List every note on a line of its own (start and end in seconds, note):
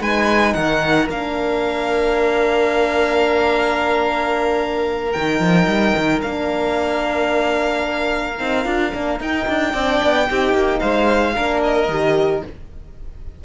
0.00 0.55 G#3
0.00 1.08 D#4
0.00 0.55 B4
0.00 0.54 G#5
0.54 1.10 D#3
0.54 9.73 A#4
0.54 1.08 F#5
1.09 5.15 A#3
1.09 5.14 D4
1.09 5.12 F5
5.12 5.40 D#3
5.12 6.21 D#4
5.12 6.20 G5
5.40 5.67 F3
5.67 5.94 G3
5.97 6.24 D#3
6.21 8.40 A#3
6.21 8.37 D4
6.21 9.19 F5
8.38 8.66 C4
8.38 8.64 D#4
8.64 8.93 D4
8.64 8.91 F4
8.94 9.20 A#3
8.94 9.21 D4
9.20 9.47 D#4
9.20 9.75 D#4
9.20 10.79 G5
9.48 9.74 D4
9.73 10.01 C4
9.73 10.29 D4
9.73 10.27 D5
10.03 10.30 B3
10.30 10.53 C4
10.30 11.35 D#4
10.30 10.80 G4
10.53 10.80 A#3
10.79 11.37 G#3
10.79 11.34 C5
10.79 11.60 F5
11.35 11.89 A#3
11.35 11.89 D4
11.35 12.44 A#4
11.64 12.45 D#5
11.89 12.43 D#3
11.89 12.44 G4